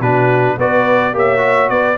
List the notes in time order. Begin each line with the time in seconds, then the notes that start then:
0.00 B2 D4 F#4 B4
0.58 B3 F#4 B4 D5
1.14 A#3 G4 C#5 E5
1.38 F#4
1.70 B3 B4 D5